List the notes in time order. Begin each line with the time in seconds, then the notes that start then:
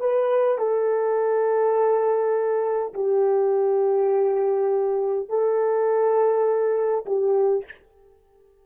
0.00 B4
0.58 A4
2.94 G4
5.29 A4
7.06 G4